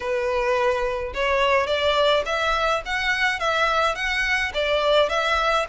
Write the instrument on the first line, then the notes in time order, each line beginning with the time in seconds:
violin
0.00 B4
1.13 C#5
1.66 D5
2.25 E5
2.85 F#5
3.39 E5
3.95 F#5
4.54 D5
5.09 E5